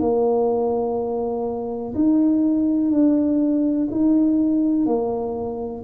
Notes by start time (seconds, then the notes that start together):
0.00 A#3
1.95 D#4
2.91 D4
3.91 D#4
4.86 A#3